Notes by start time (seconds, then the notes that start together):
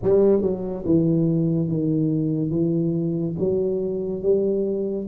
0.02 G3
0.41 F#3
0.85 E3
1.67 D#3
2.50 E3
3.38 F#3
4.22 G3